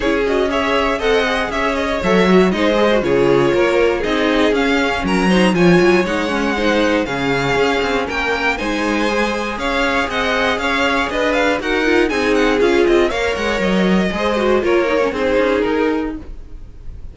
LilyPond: <<
  \new Staff \with { instrumentName = "violin" } { \time 4/4 \tempo 4 = 119 cis''8 dis''8 e''4 fis''4 e''8 dis''8 | e''4 dis''4 cis''2 | dis''4 f''4 ais''4 gis''4 | fis''2 f''2 |
g''4 gis''2 f''4 | fis''4 f''4 dis''8 f''8 fis''4 | gis''8 fis''8 f''8 dis''8 f''8 fis''8 dis''4~ | dis''4 cis''4 c''4 ais'4 | }
  \new Staff \with { instrumentName = "violin" } { \time 4/4 gis'4 cis''4 dis''4 cis''4~ | cis''4 c''4 gis'4 ais'4 | gis'2 ais'8 c''8 cis''4~ | cis''4 c''4 gis'2 |
ais'4 c''2 cis''4 | dis''4 cis''4 b'4 ais'4 | gis'2 cis''2 | c''4 ais'4 gis'2 | }
  \new Staff \with { instrumentName = "viola" } { \time 4/4 e'8 fis'8 gis'4 a'8 gis'4. | a'8 fis'8 dis'8 gis'16 fis'16 f'2 | dis'4 cis'4. dis'8 f'4 | dis'8 cis'8 dis'4 cis'2~ |
cis'4 dis'4 gis'2~ | gis'2. fis'8 f'8 | dis'4 f'4 ais'2 | gis'8 fis'8 f'8 dis'16 cis'16 dis'2 | }
  \new Staff \with { instrumentName = "cello" } { \time 4/4 cis'2 c'4 cis'4 | fis4 gis4 cis4 ais4 | c'4 cis'4 fis4 f8 fis8 | gis2 cis4 cis'8 c'8 |
ais4 gis2 cis'4 | c'4 cis'4 d'4 dis'4 | c'4 cis'8 c'8 ais8 gis8 fis4 | gis4 ais4 c'8 cis'8 dis'4 | }
>>